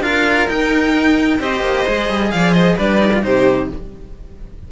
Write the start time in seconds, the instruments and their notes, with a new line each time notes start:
0.00 cello D4 F4, violin A#4 F5
0.48 cello D#4, violin G5
1.39 cello C4 G4, violin C5 D#5
1.61 cello A#3
1.86 cello G#3 G#4
2.09 cello G3
2.31 cello F3, violin D5 F5
2.52 violin C5 D#5
2.77 cello G3 D4, violin B4 D5
2.99 cello D#4
3.13 cello F4
3.22 cello C3 D#4, violin G4 C5